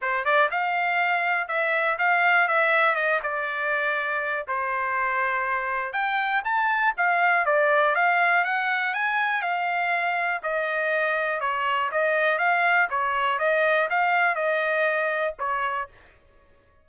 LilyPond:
\new Staff \with { instrumentName = "trumpet" } { \time 4/4 \tempo 4 = 121 c''8 d''8 f''2 e''4 | f''4 e''4 dis''8 d''4.~ | d''4 c''2. | g''4 a''4 f''4 d''4 |
f''4 fis''4 gis''4 f''4~ | f''4 dis''2 cis''4 | dis''4 f''4 cis''4 dis''4 | f''4 dis''2 cis''4 | }